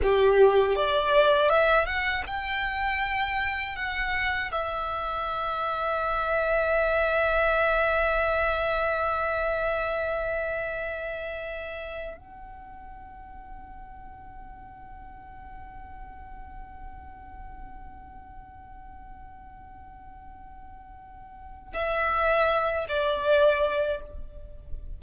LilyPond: \new Staff \with { instrumentName = "violin" } { \time 4/4 \tempo 4 = 80 g'4 d''4 e''8 fis''8 g''4~ | g''4 fis''4 e''2~ | e''1~ | e''1~ |
e''16 fis''2.~ fis''8.~ | fis''1~ | fis''1~ | fis''4 e''4. d''4. | }